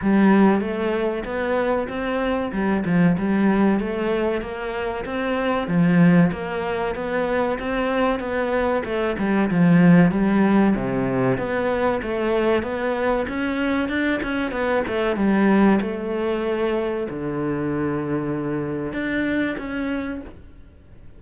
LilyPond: \new Staff \with { instrumentName = "cello" } { \time 4/4 \tempo 4 = 95 g4 a4 b4 c'4 | g8 f8 g4 a4 ais4 | c'4 f4 ais4 b4 | c'4 b4 a8 g8 f4 |
g4 c4 b4 a4 | b4 cis'4 d'8 cis'8 b8 a8 | g4 a2 d4~ | d2 d'4 cis'4 | }